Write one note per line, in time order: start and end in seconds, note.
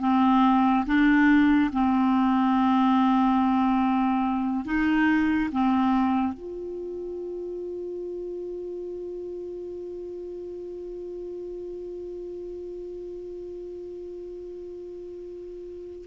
0.00 0.85 C4
0.86 1.71 D4
1.72 4.65 C4
4.65 5.49 D#4
5.52 6.33 C4
6.33 16.05 F4